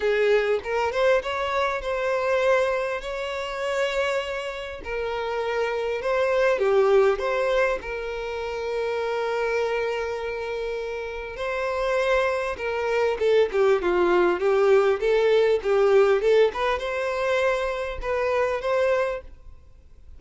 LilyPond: \new Staff \with { instrumentName = "violin" } { \time 4/4 \tempo 4 = 100 gis'4 ais'8 c''8 cis''4 c''4~ | c''4 cis''2. | ais'2 c''4 g'4 | c''4 ais'2.~ |
ais'2. c''4~ | c''4 ais'4 a'8 g'8 f'4 | g'4 a'4 g'4 a'8 b'8 | c''2 b'4 c''4 | }